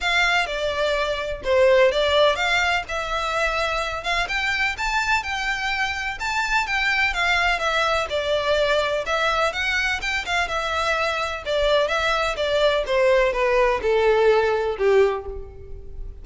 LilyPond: \new Staff \with { instrumentName = "violin" } { \time 4/4 \tempo 4 = 126 f''4 d''2 c''4 | d''4 f''4 e''2~ | e''8 f''8 g''4 a''4 g''4~ | g''4 a''4 g''4 f''4 |
e''4 d''2 e''4 | fis''4 g''8 f''8 e''2 | d''4 e''4 d''4 c''4 | b'4 a'2 g'4 | }